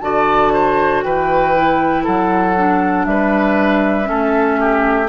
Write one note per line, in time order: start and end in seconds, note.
0.00 1.03 D3
0.00 1.54 F#4
0.00 0.53 D5
0.00 1.02 A5
0.53 1.04 C5
1.03 2.06 E3
1.03 2.04 B4
1.03 2.04 G5
1.56 2.57 E4
2.04 3.06 F#3
2.04 3.05 A4
2.04 3.05 F#5
2.57 4.04 D4
3.05 4.08 G3
3.05 4.09 B4
3.05 5.08 E5
4.04 5.06 C#4
4.04 4.60 A4
4.10 5.08 A3
4.60 5.08 G4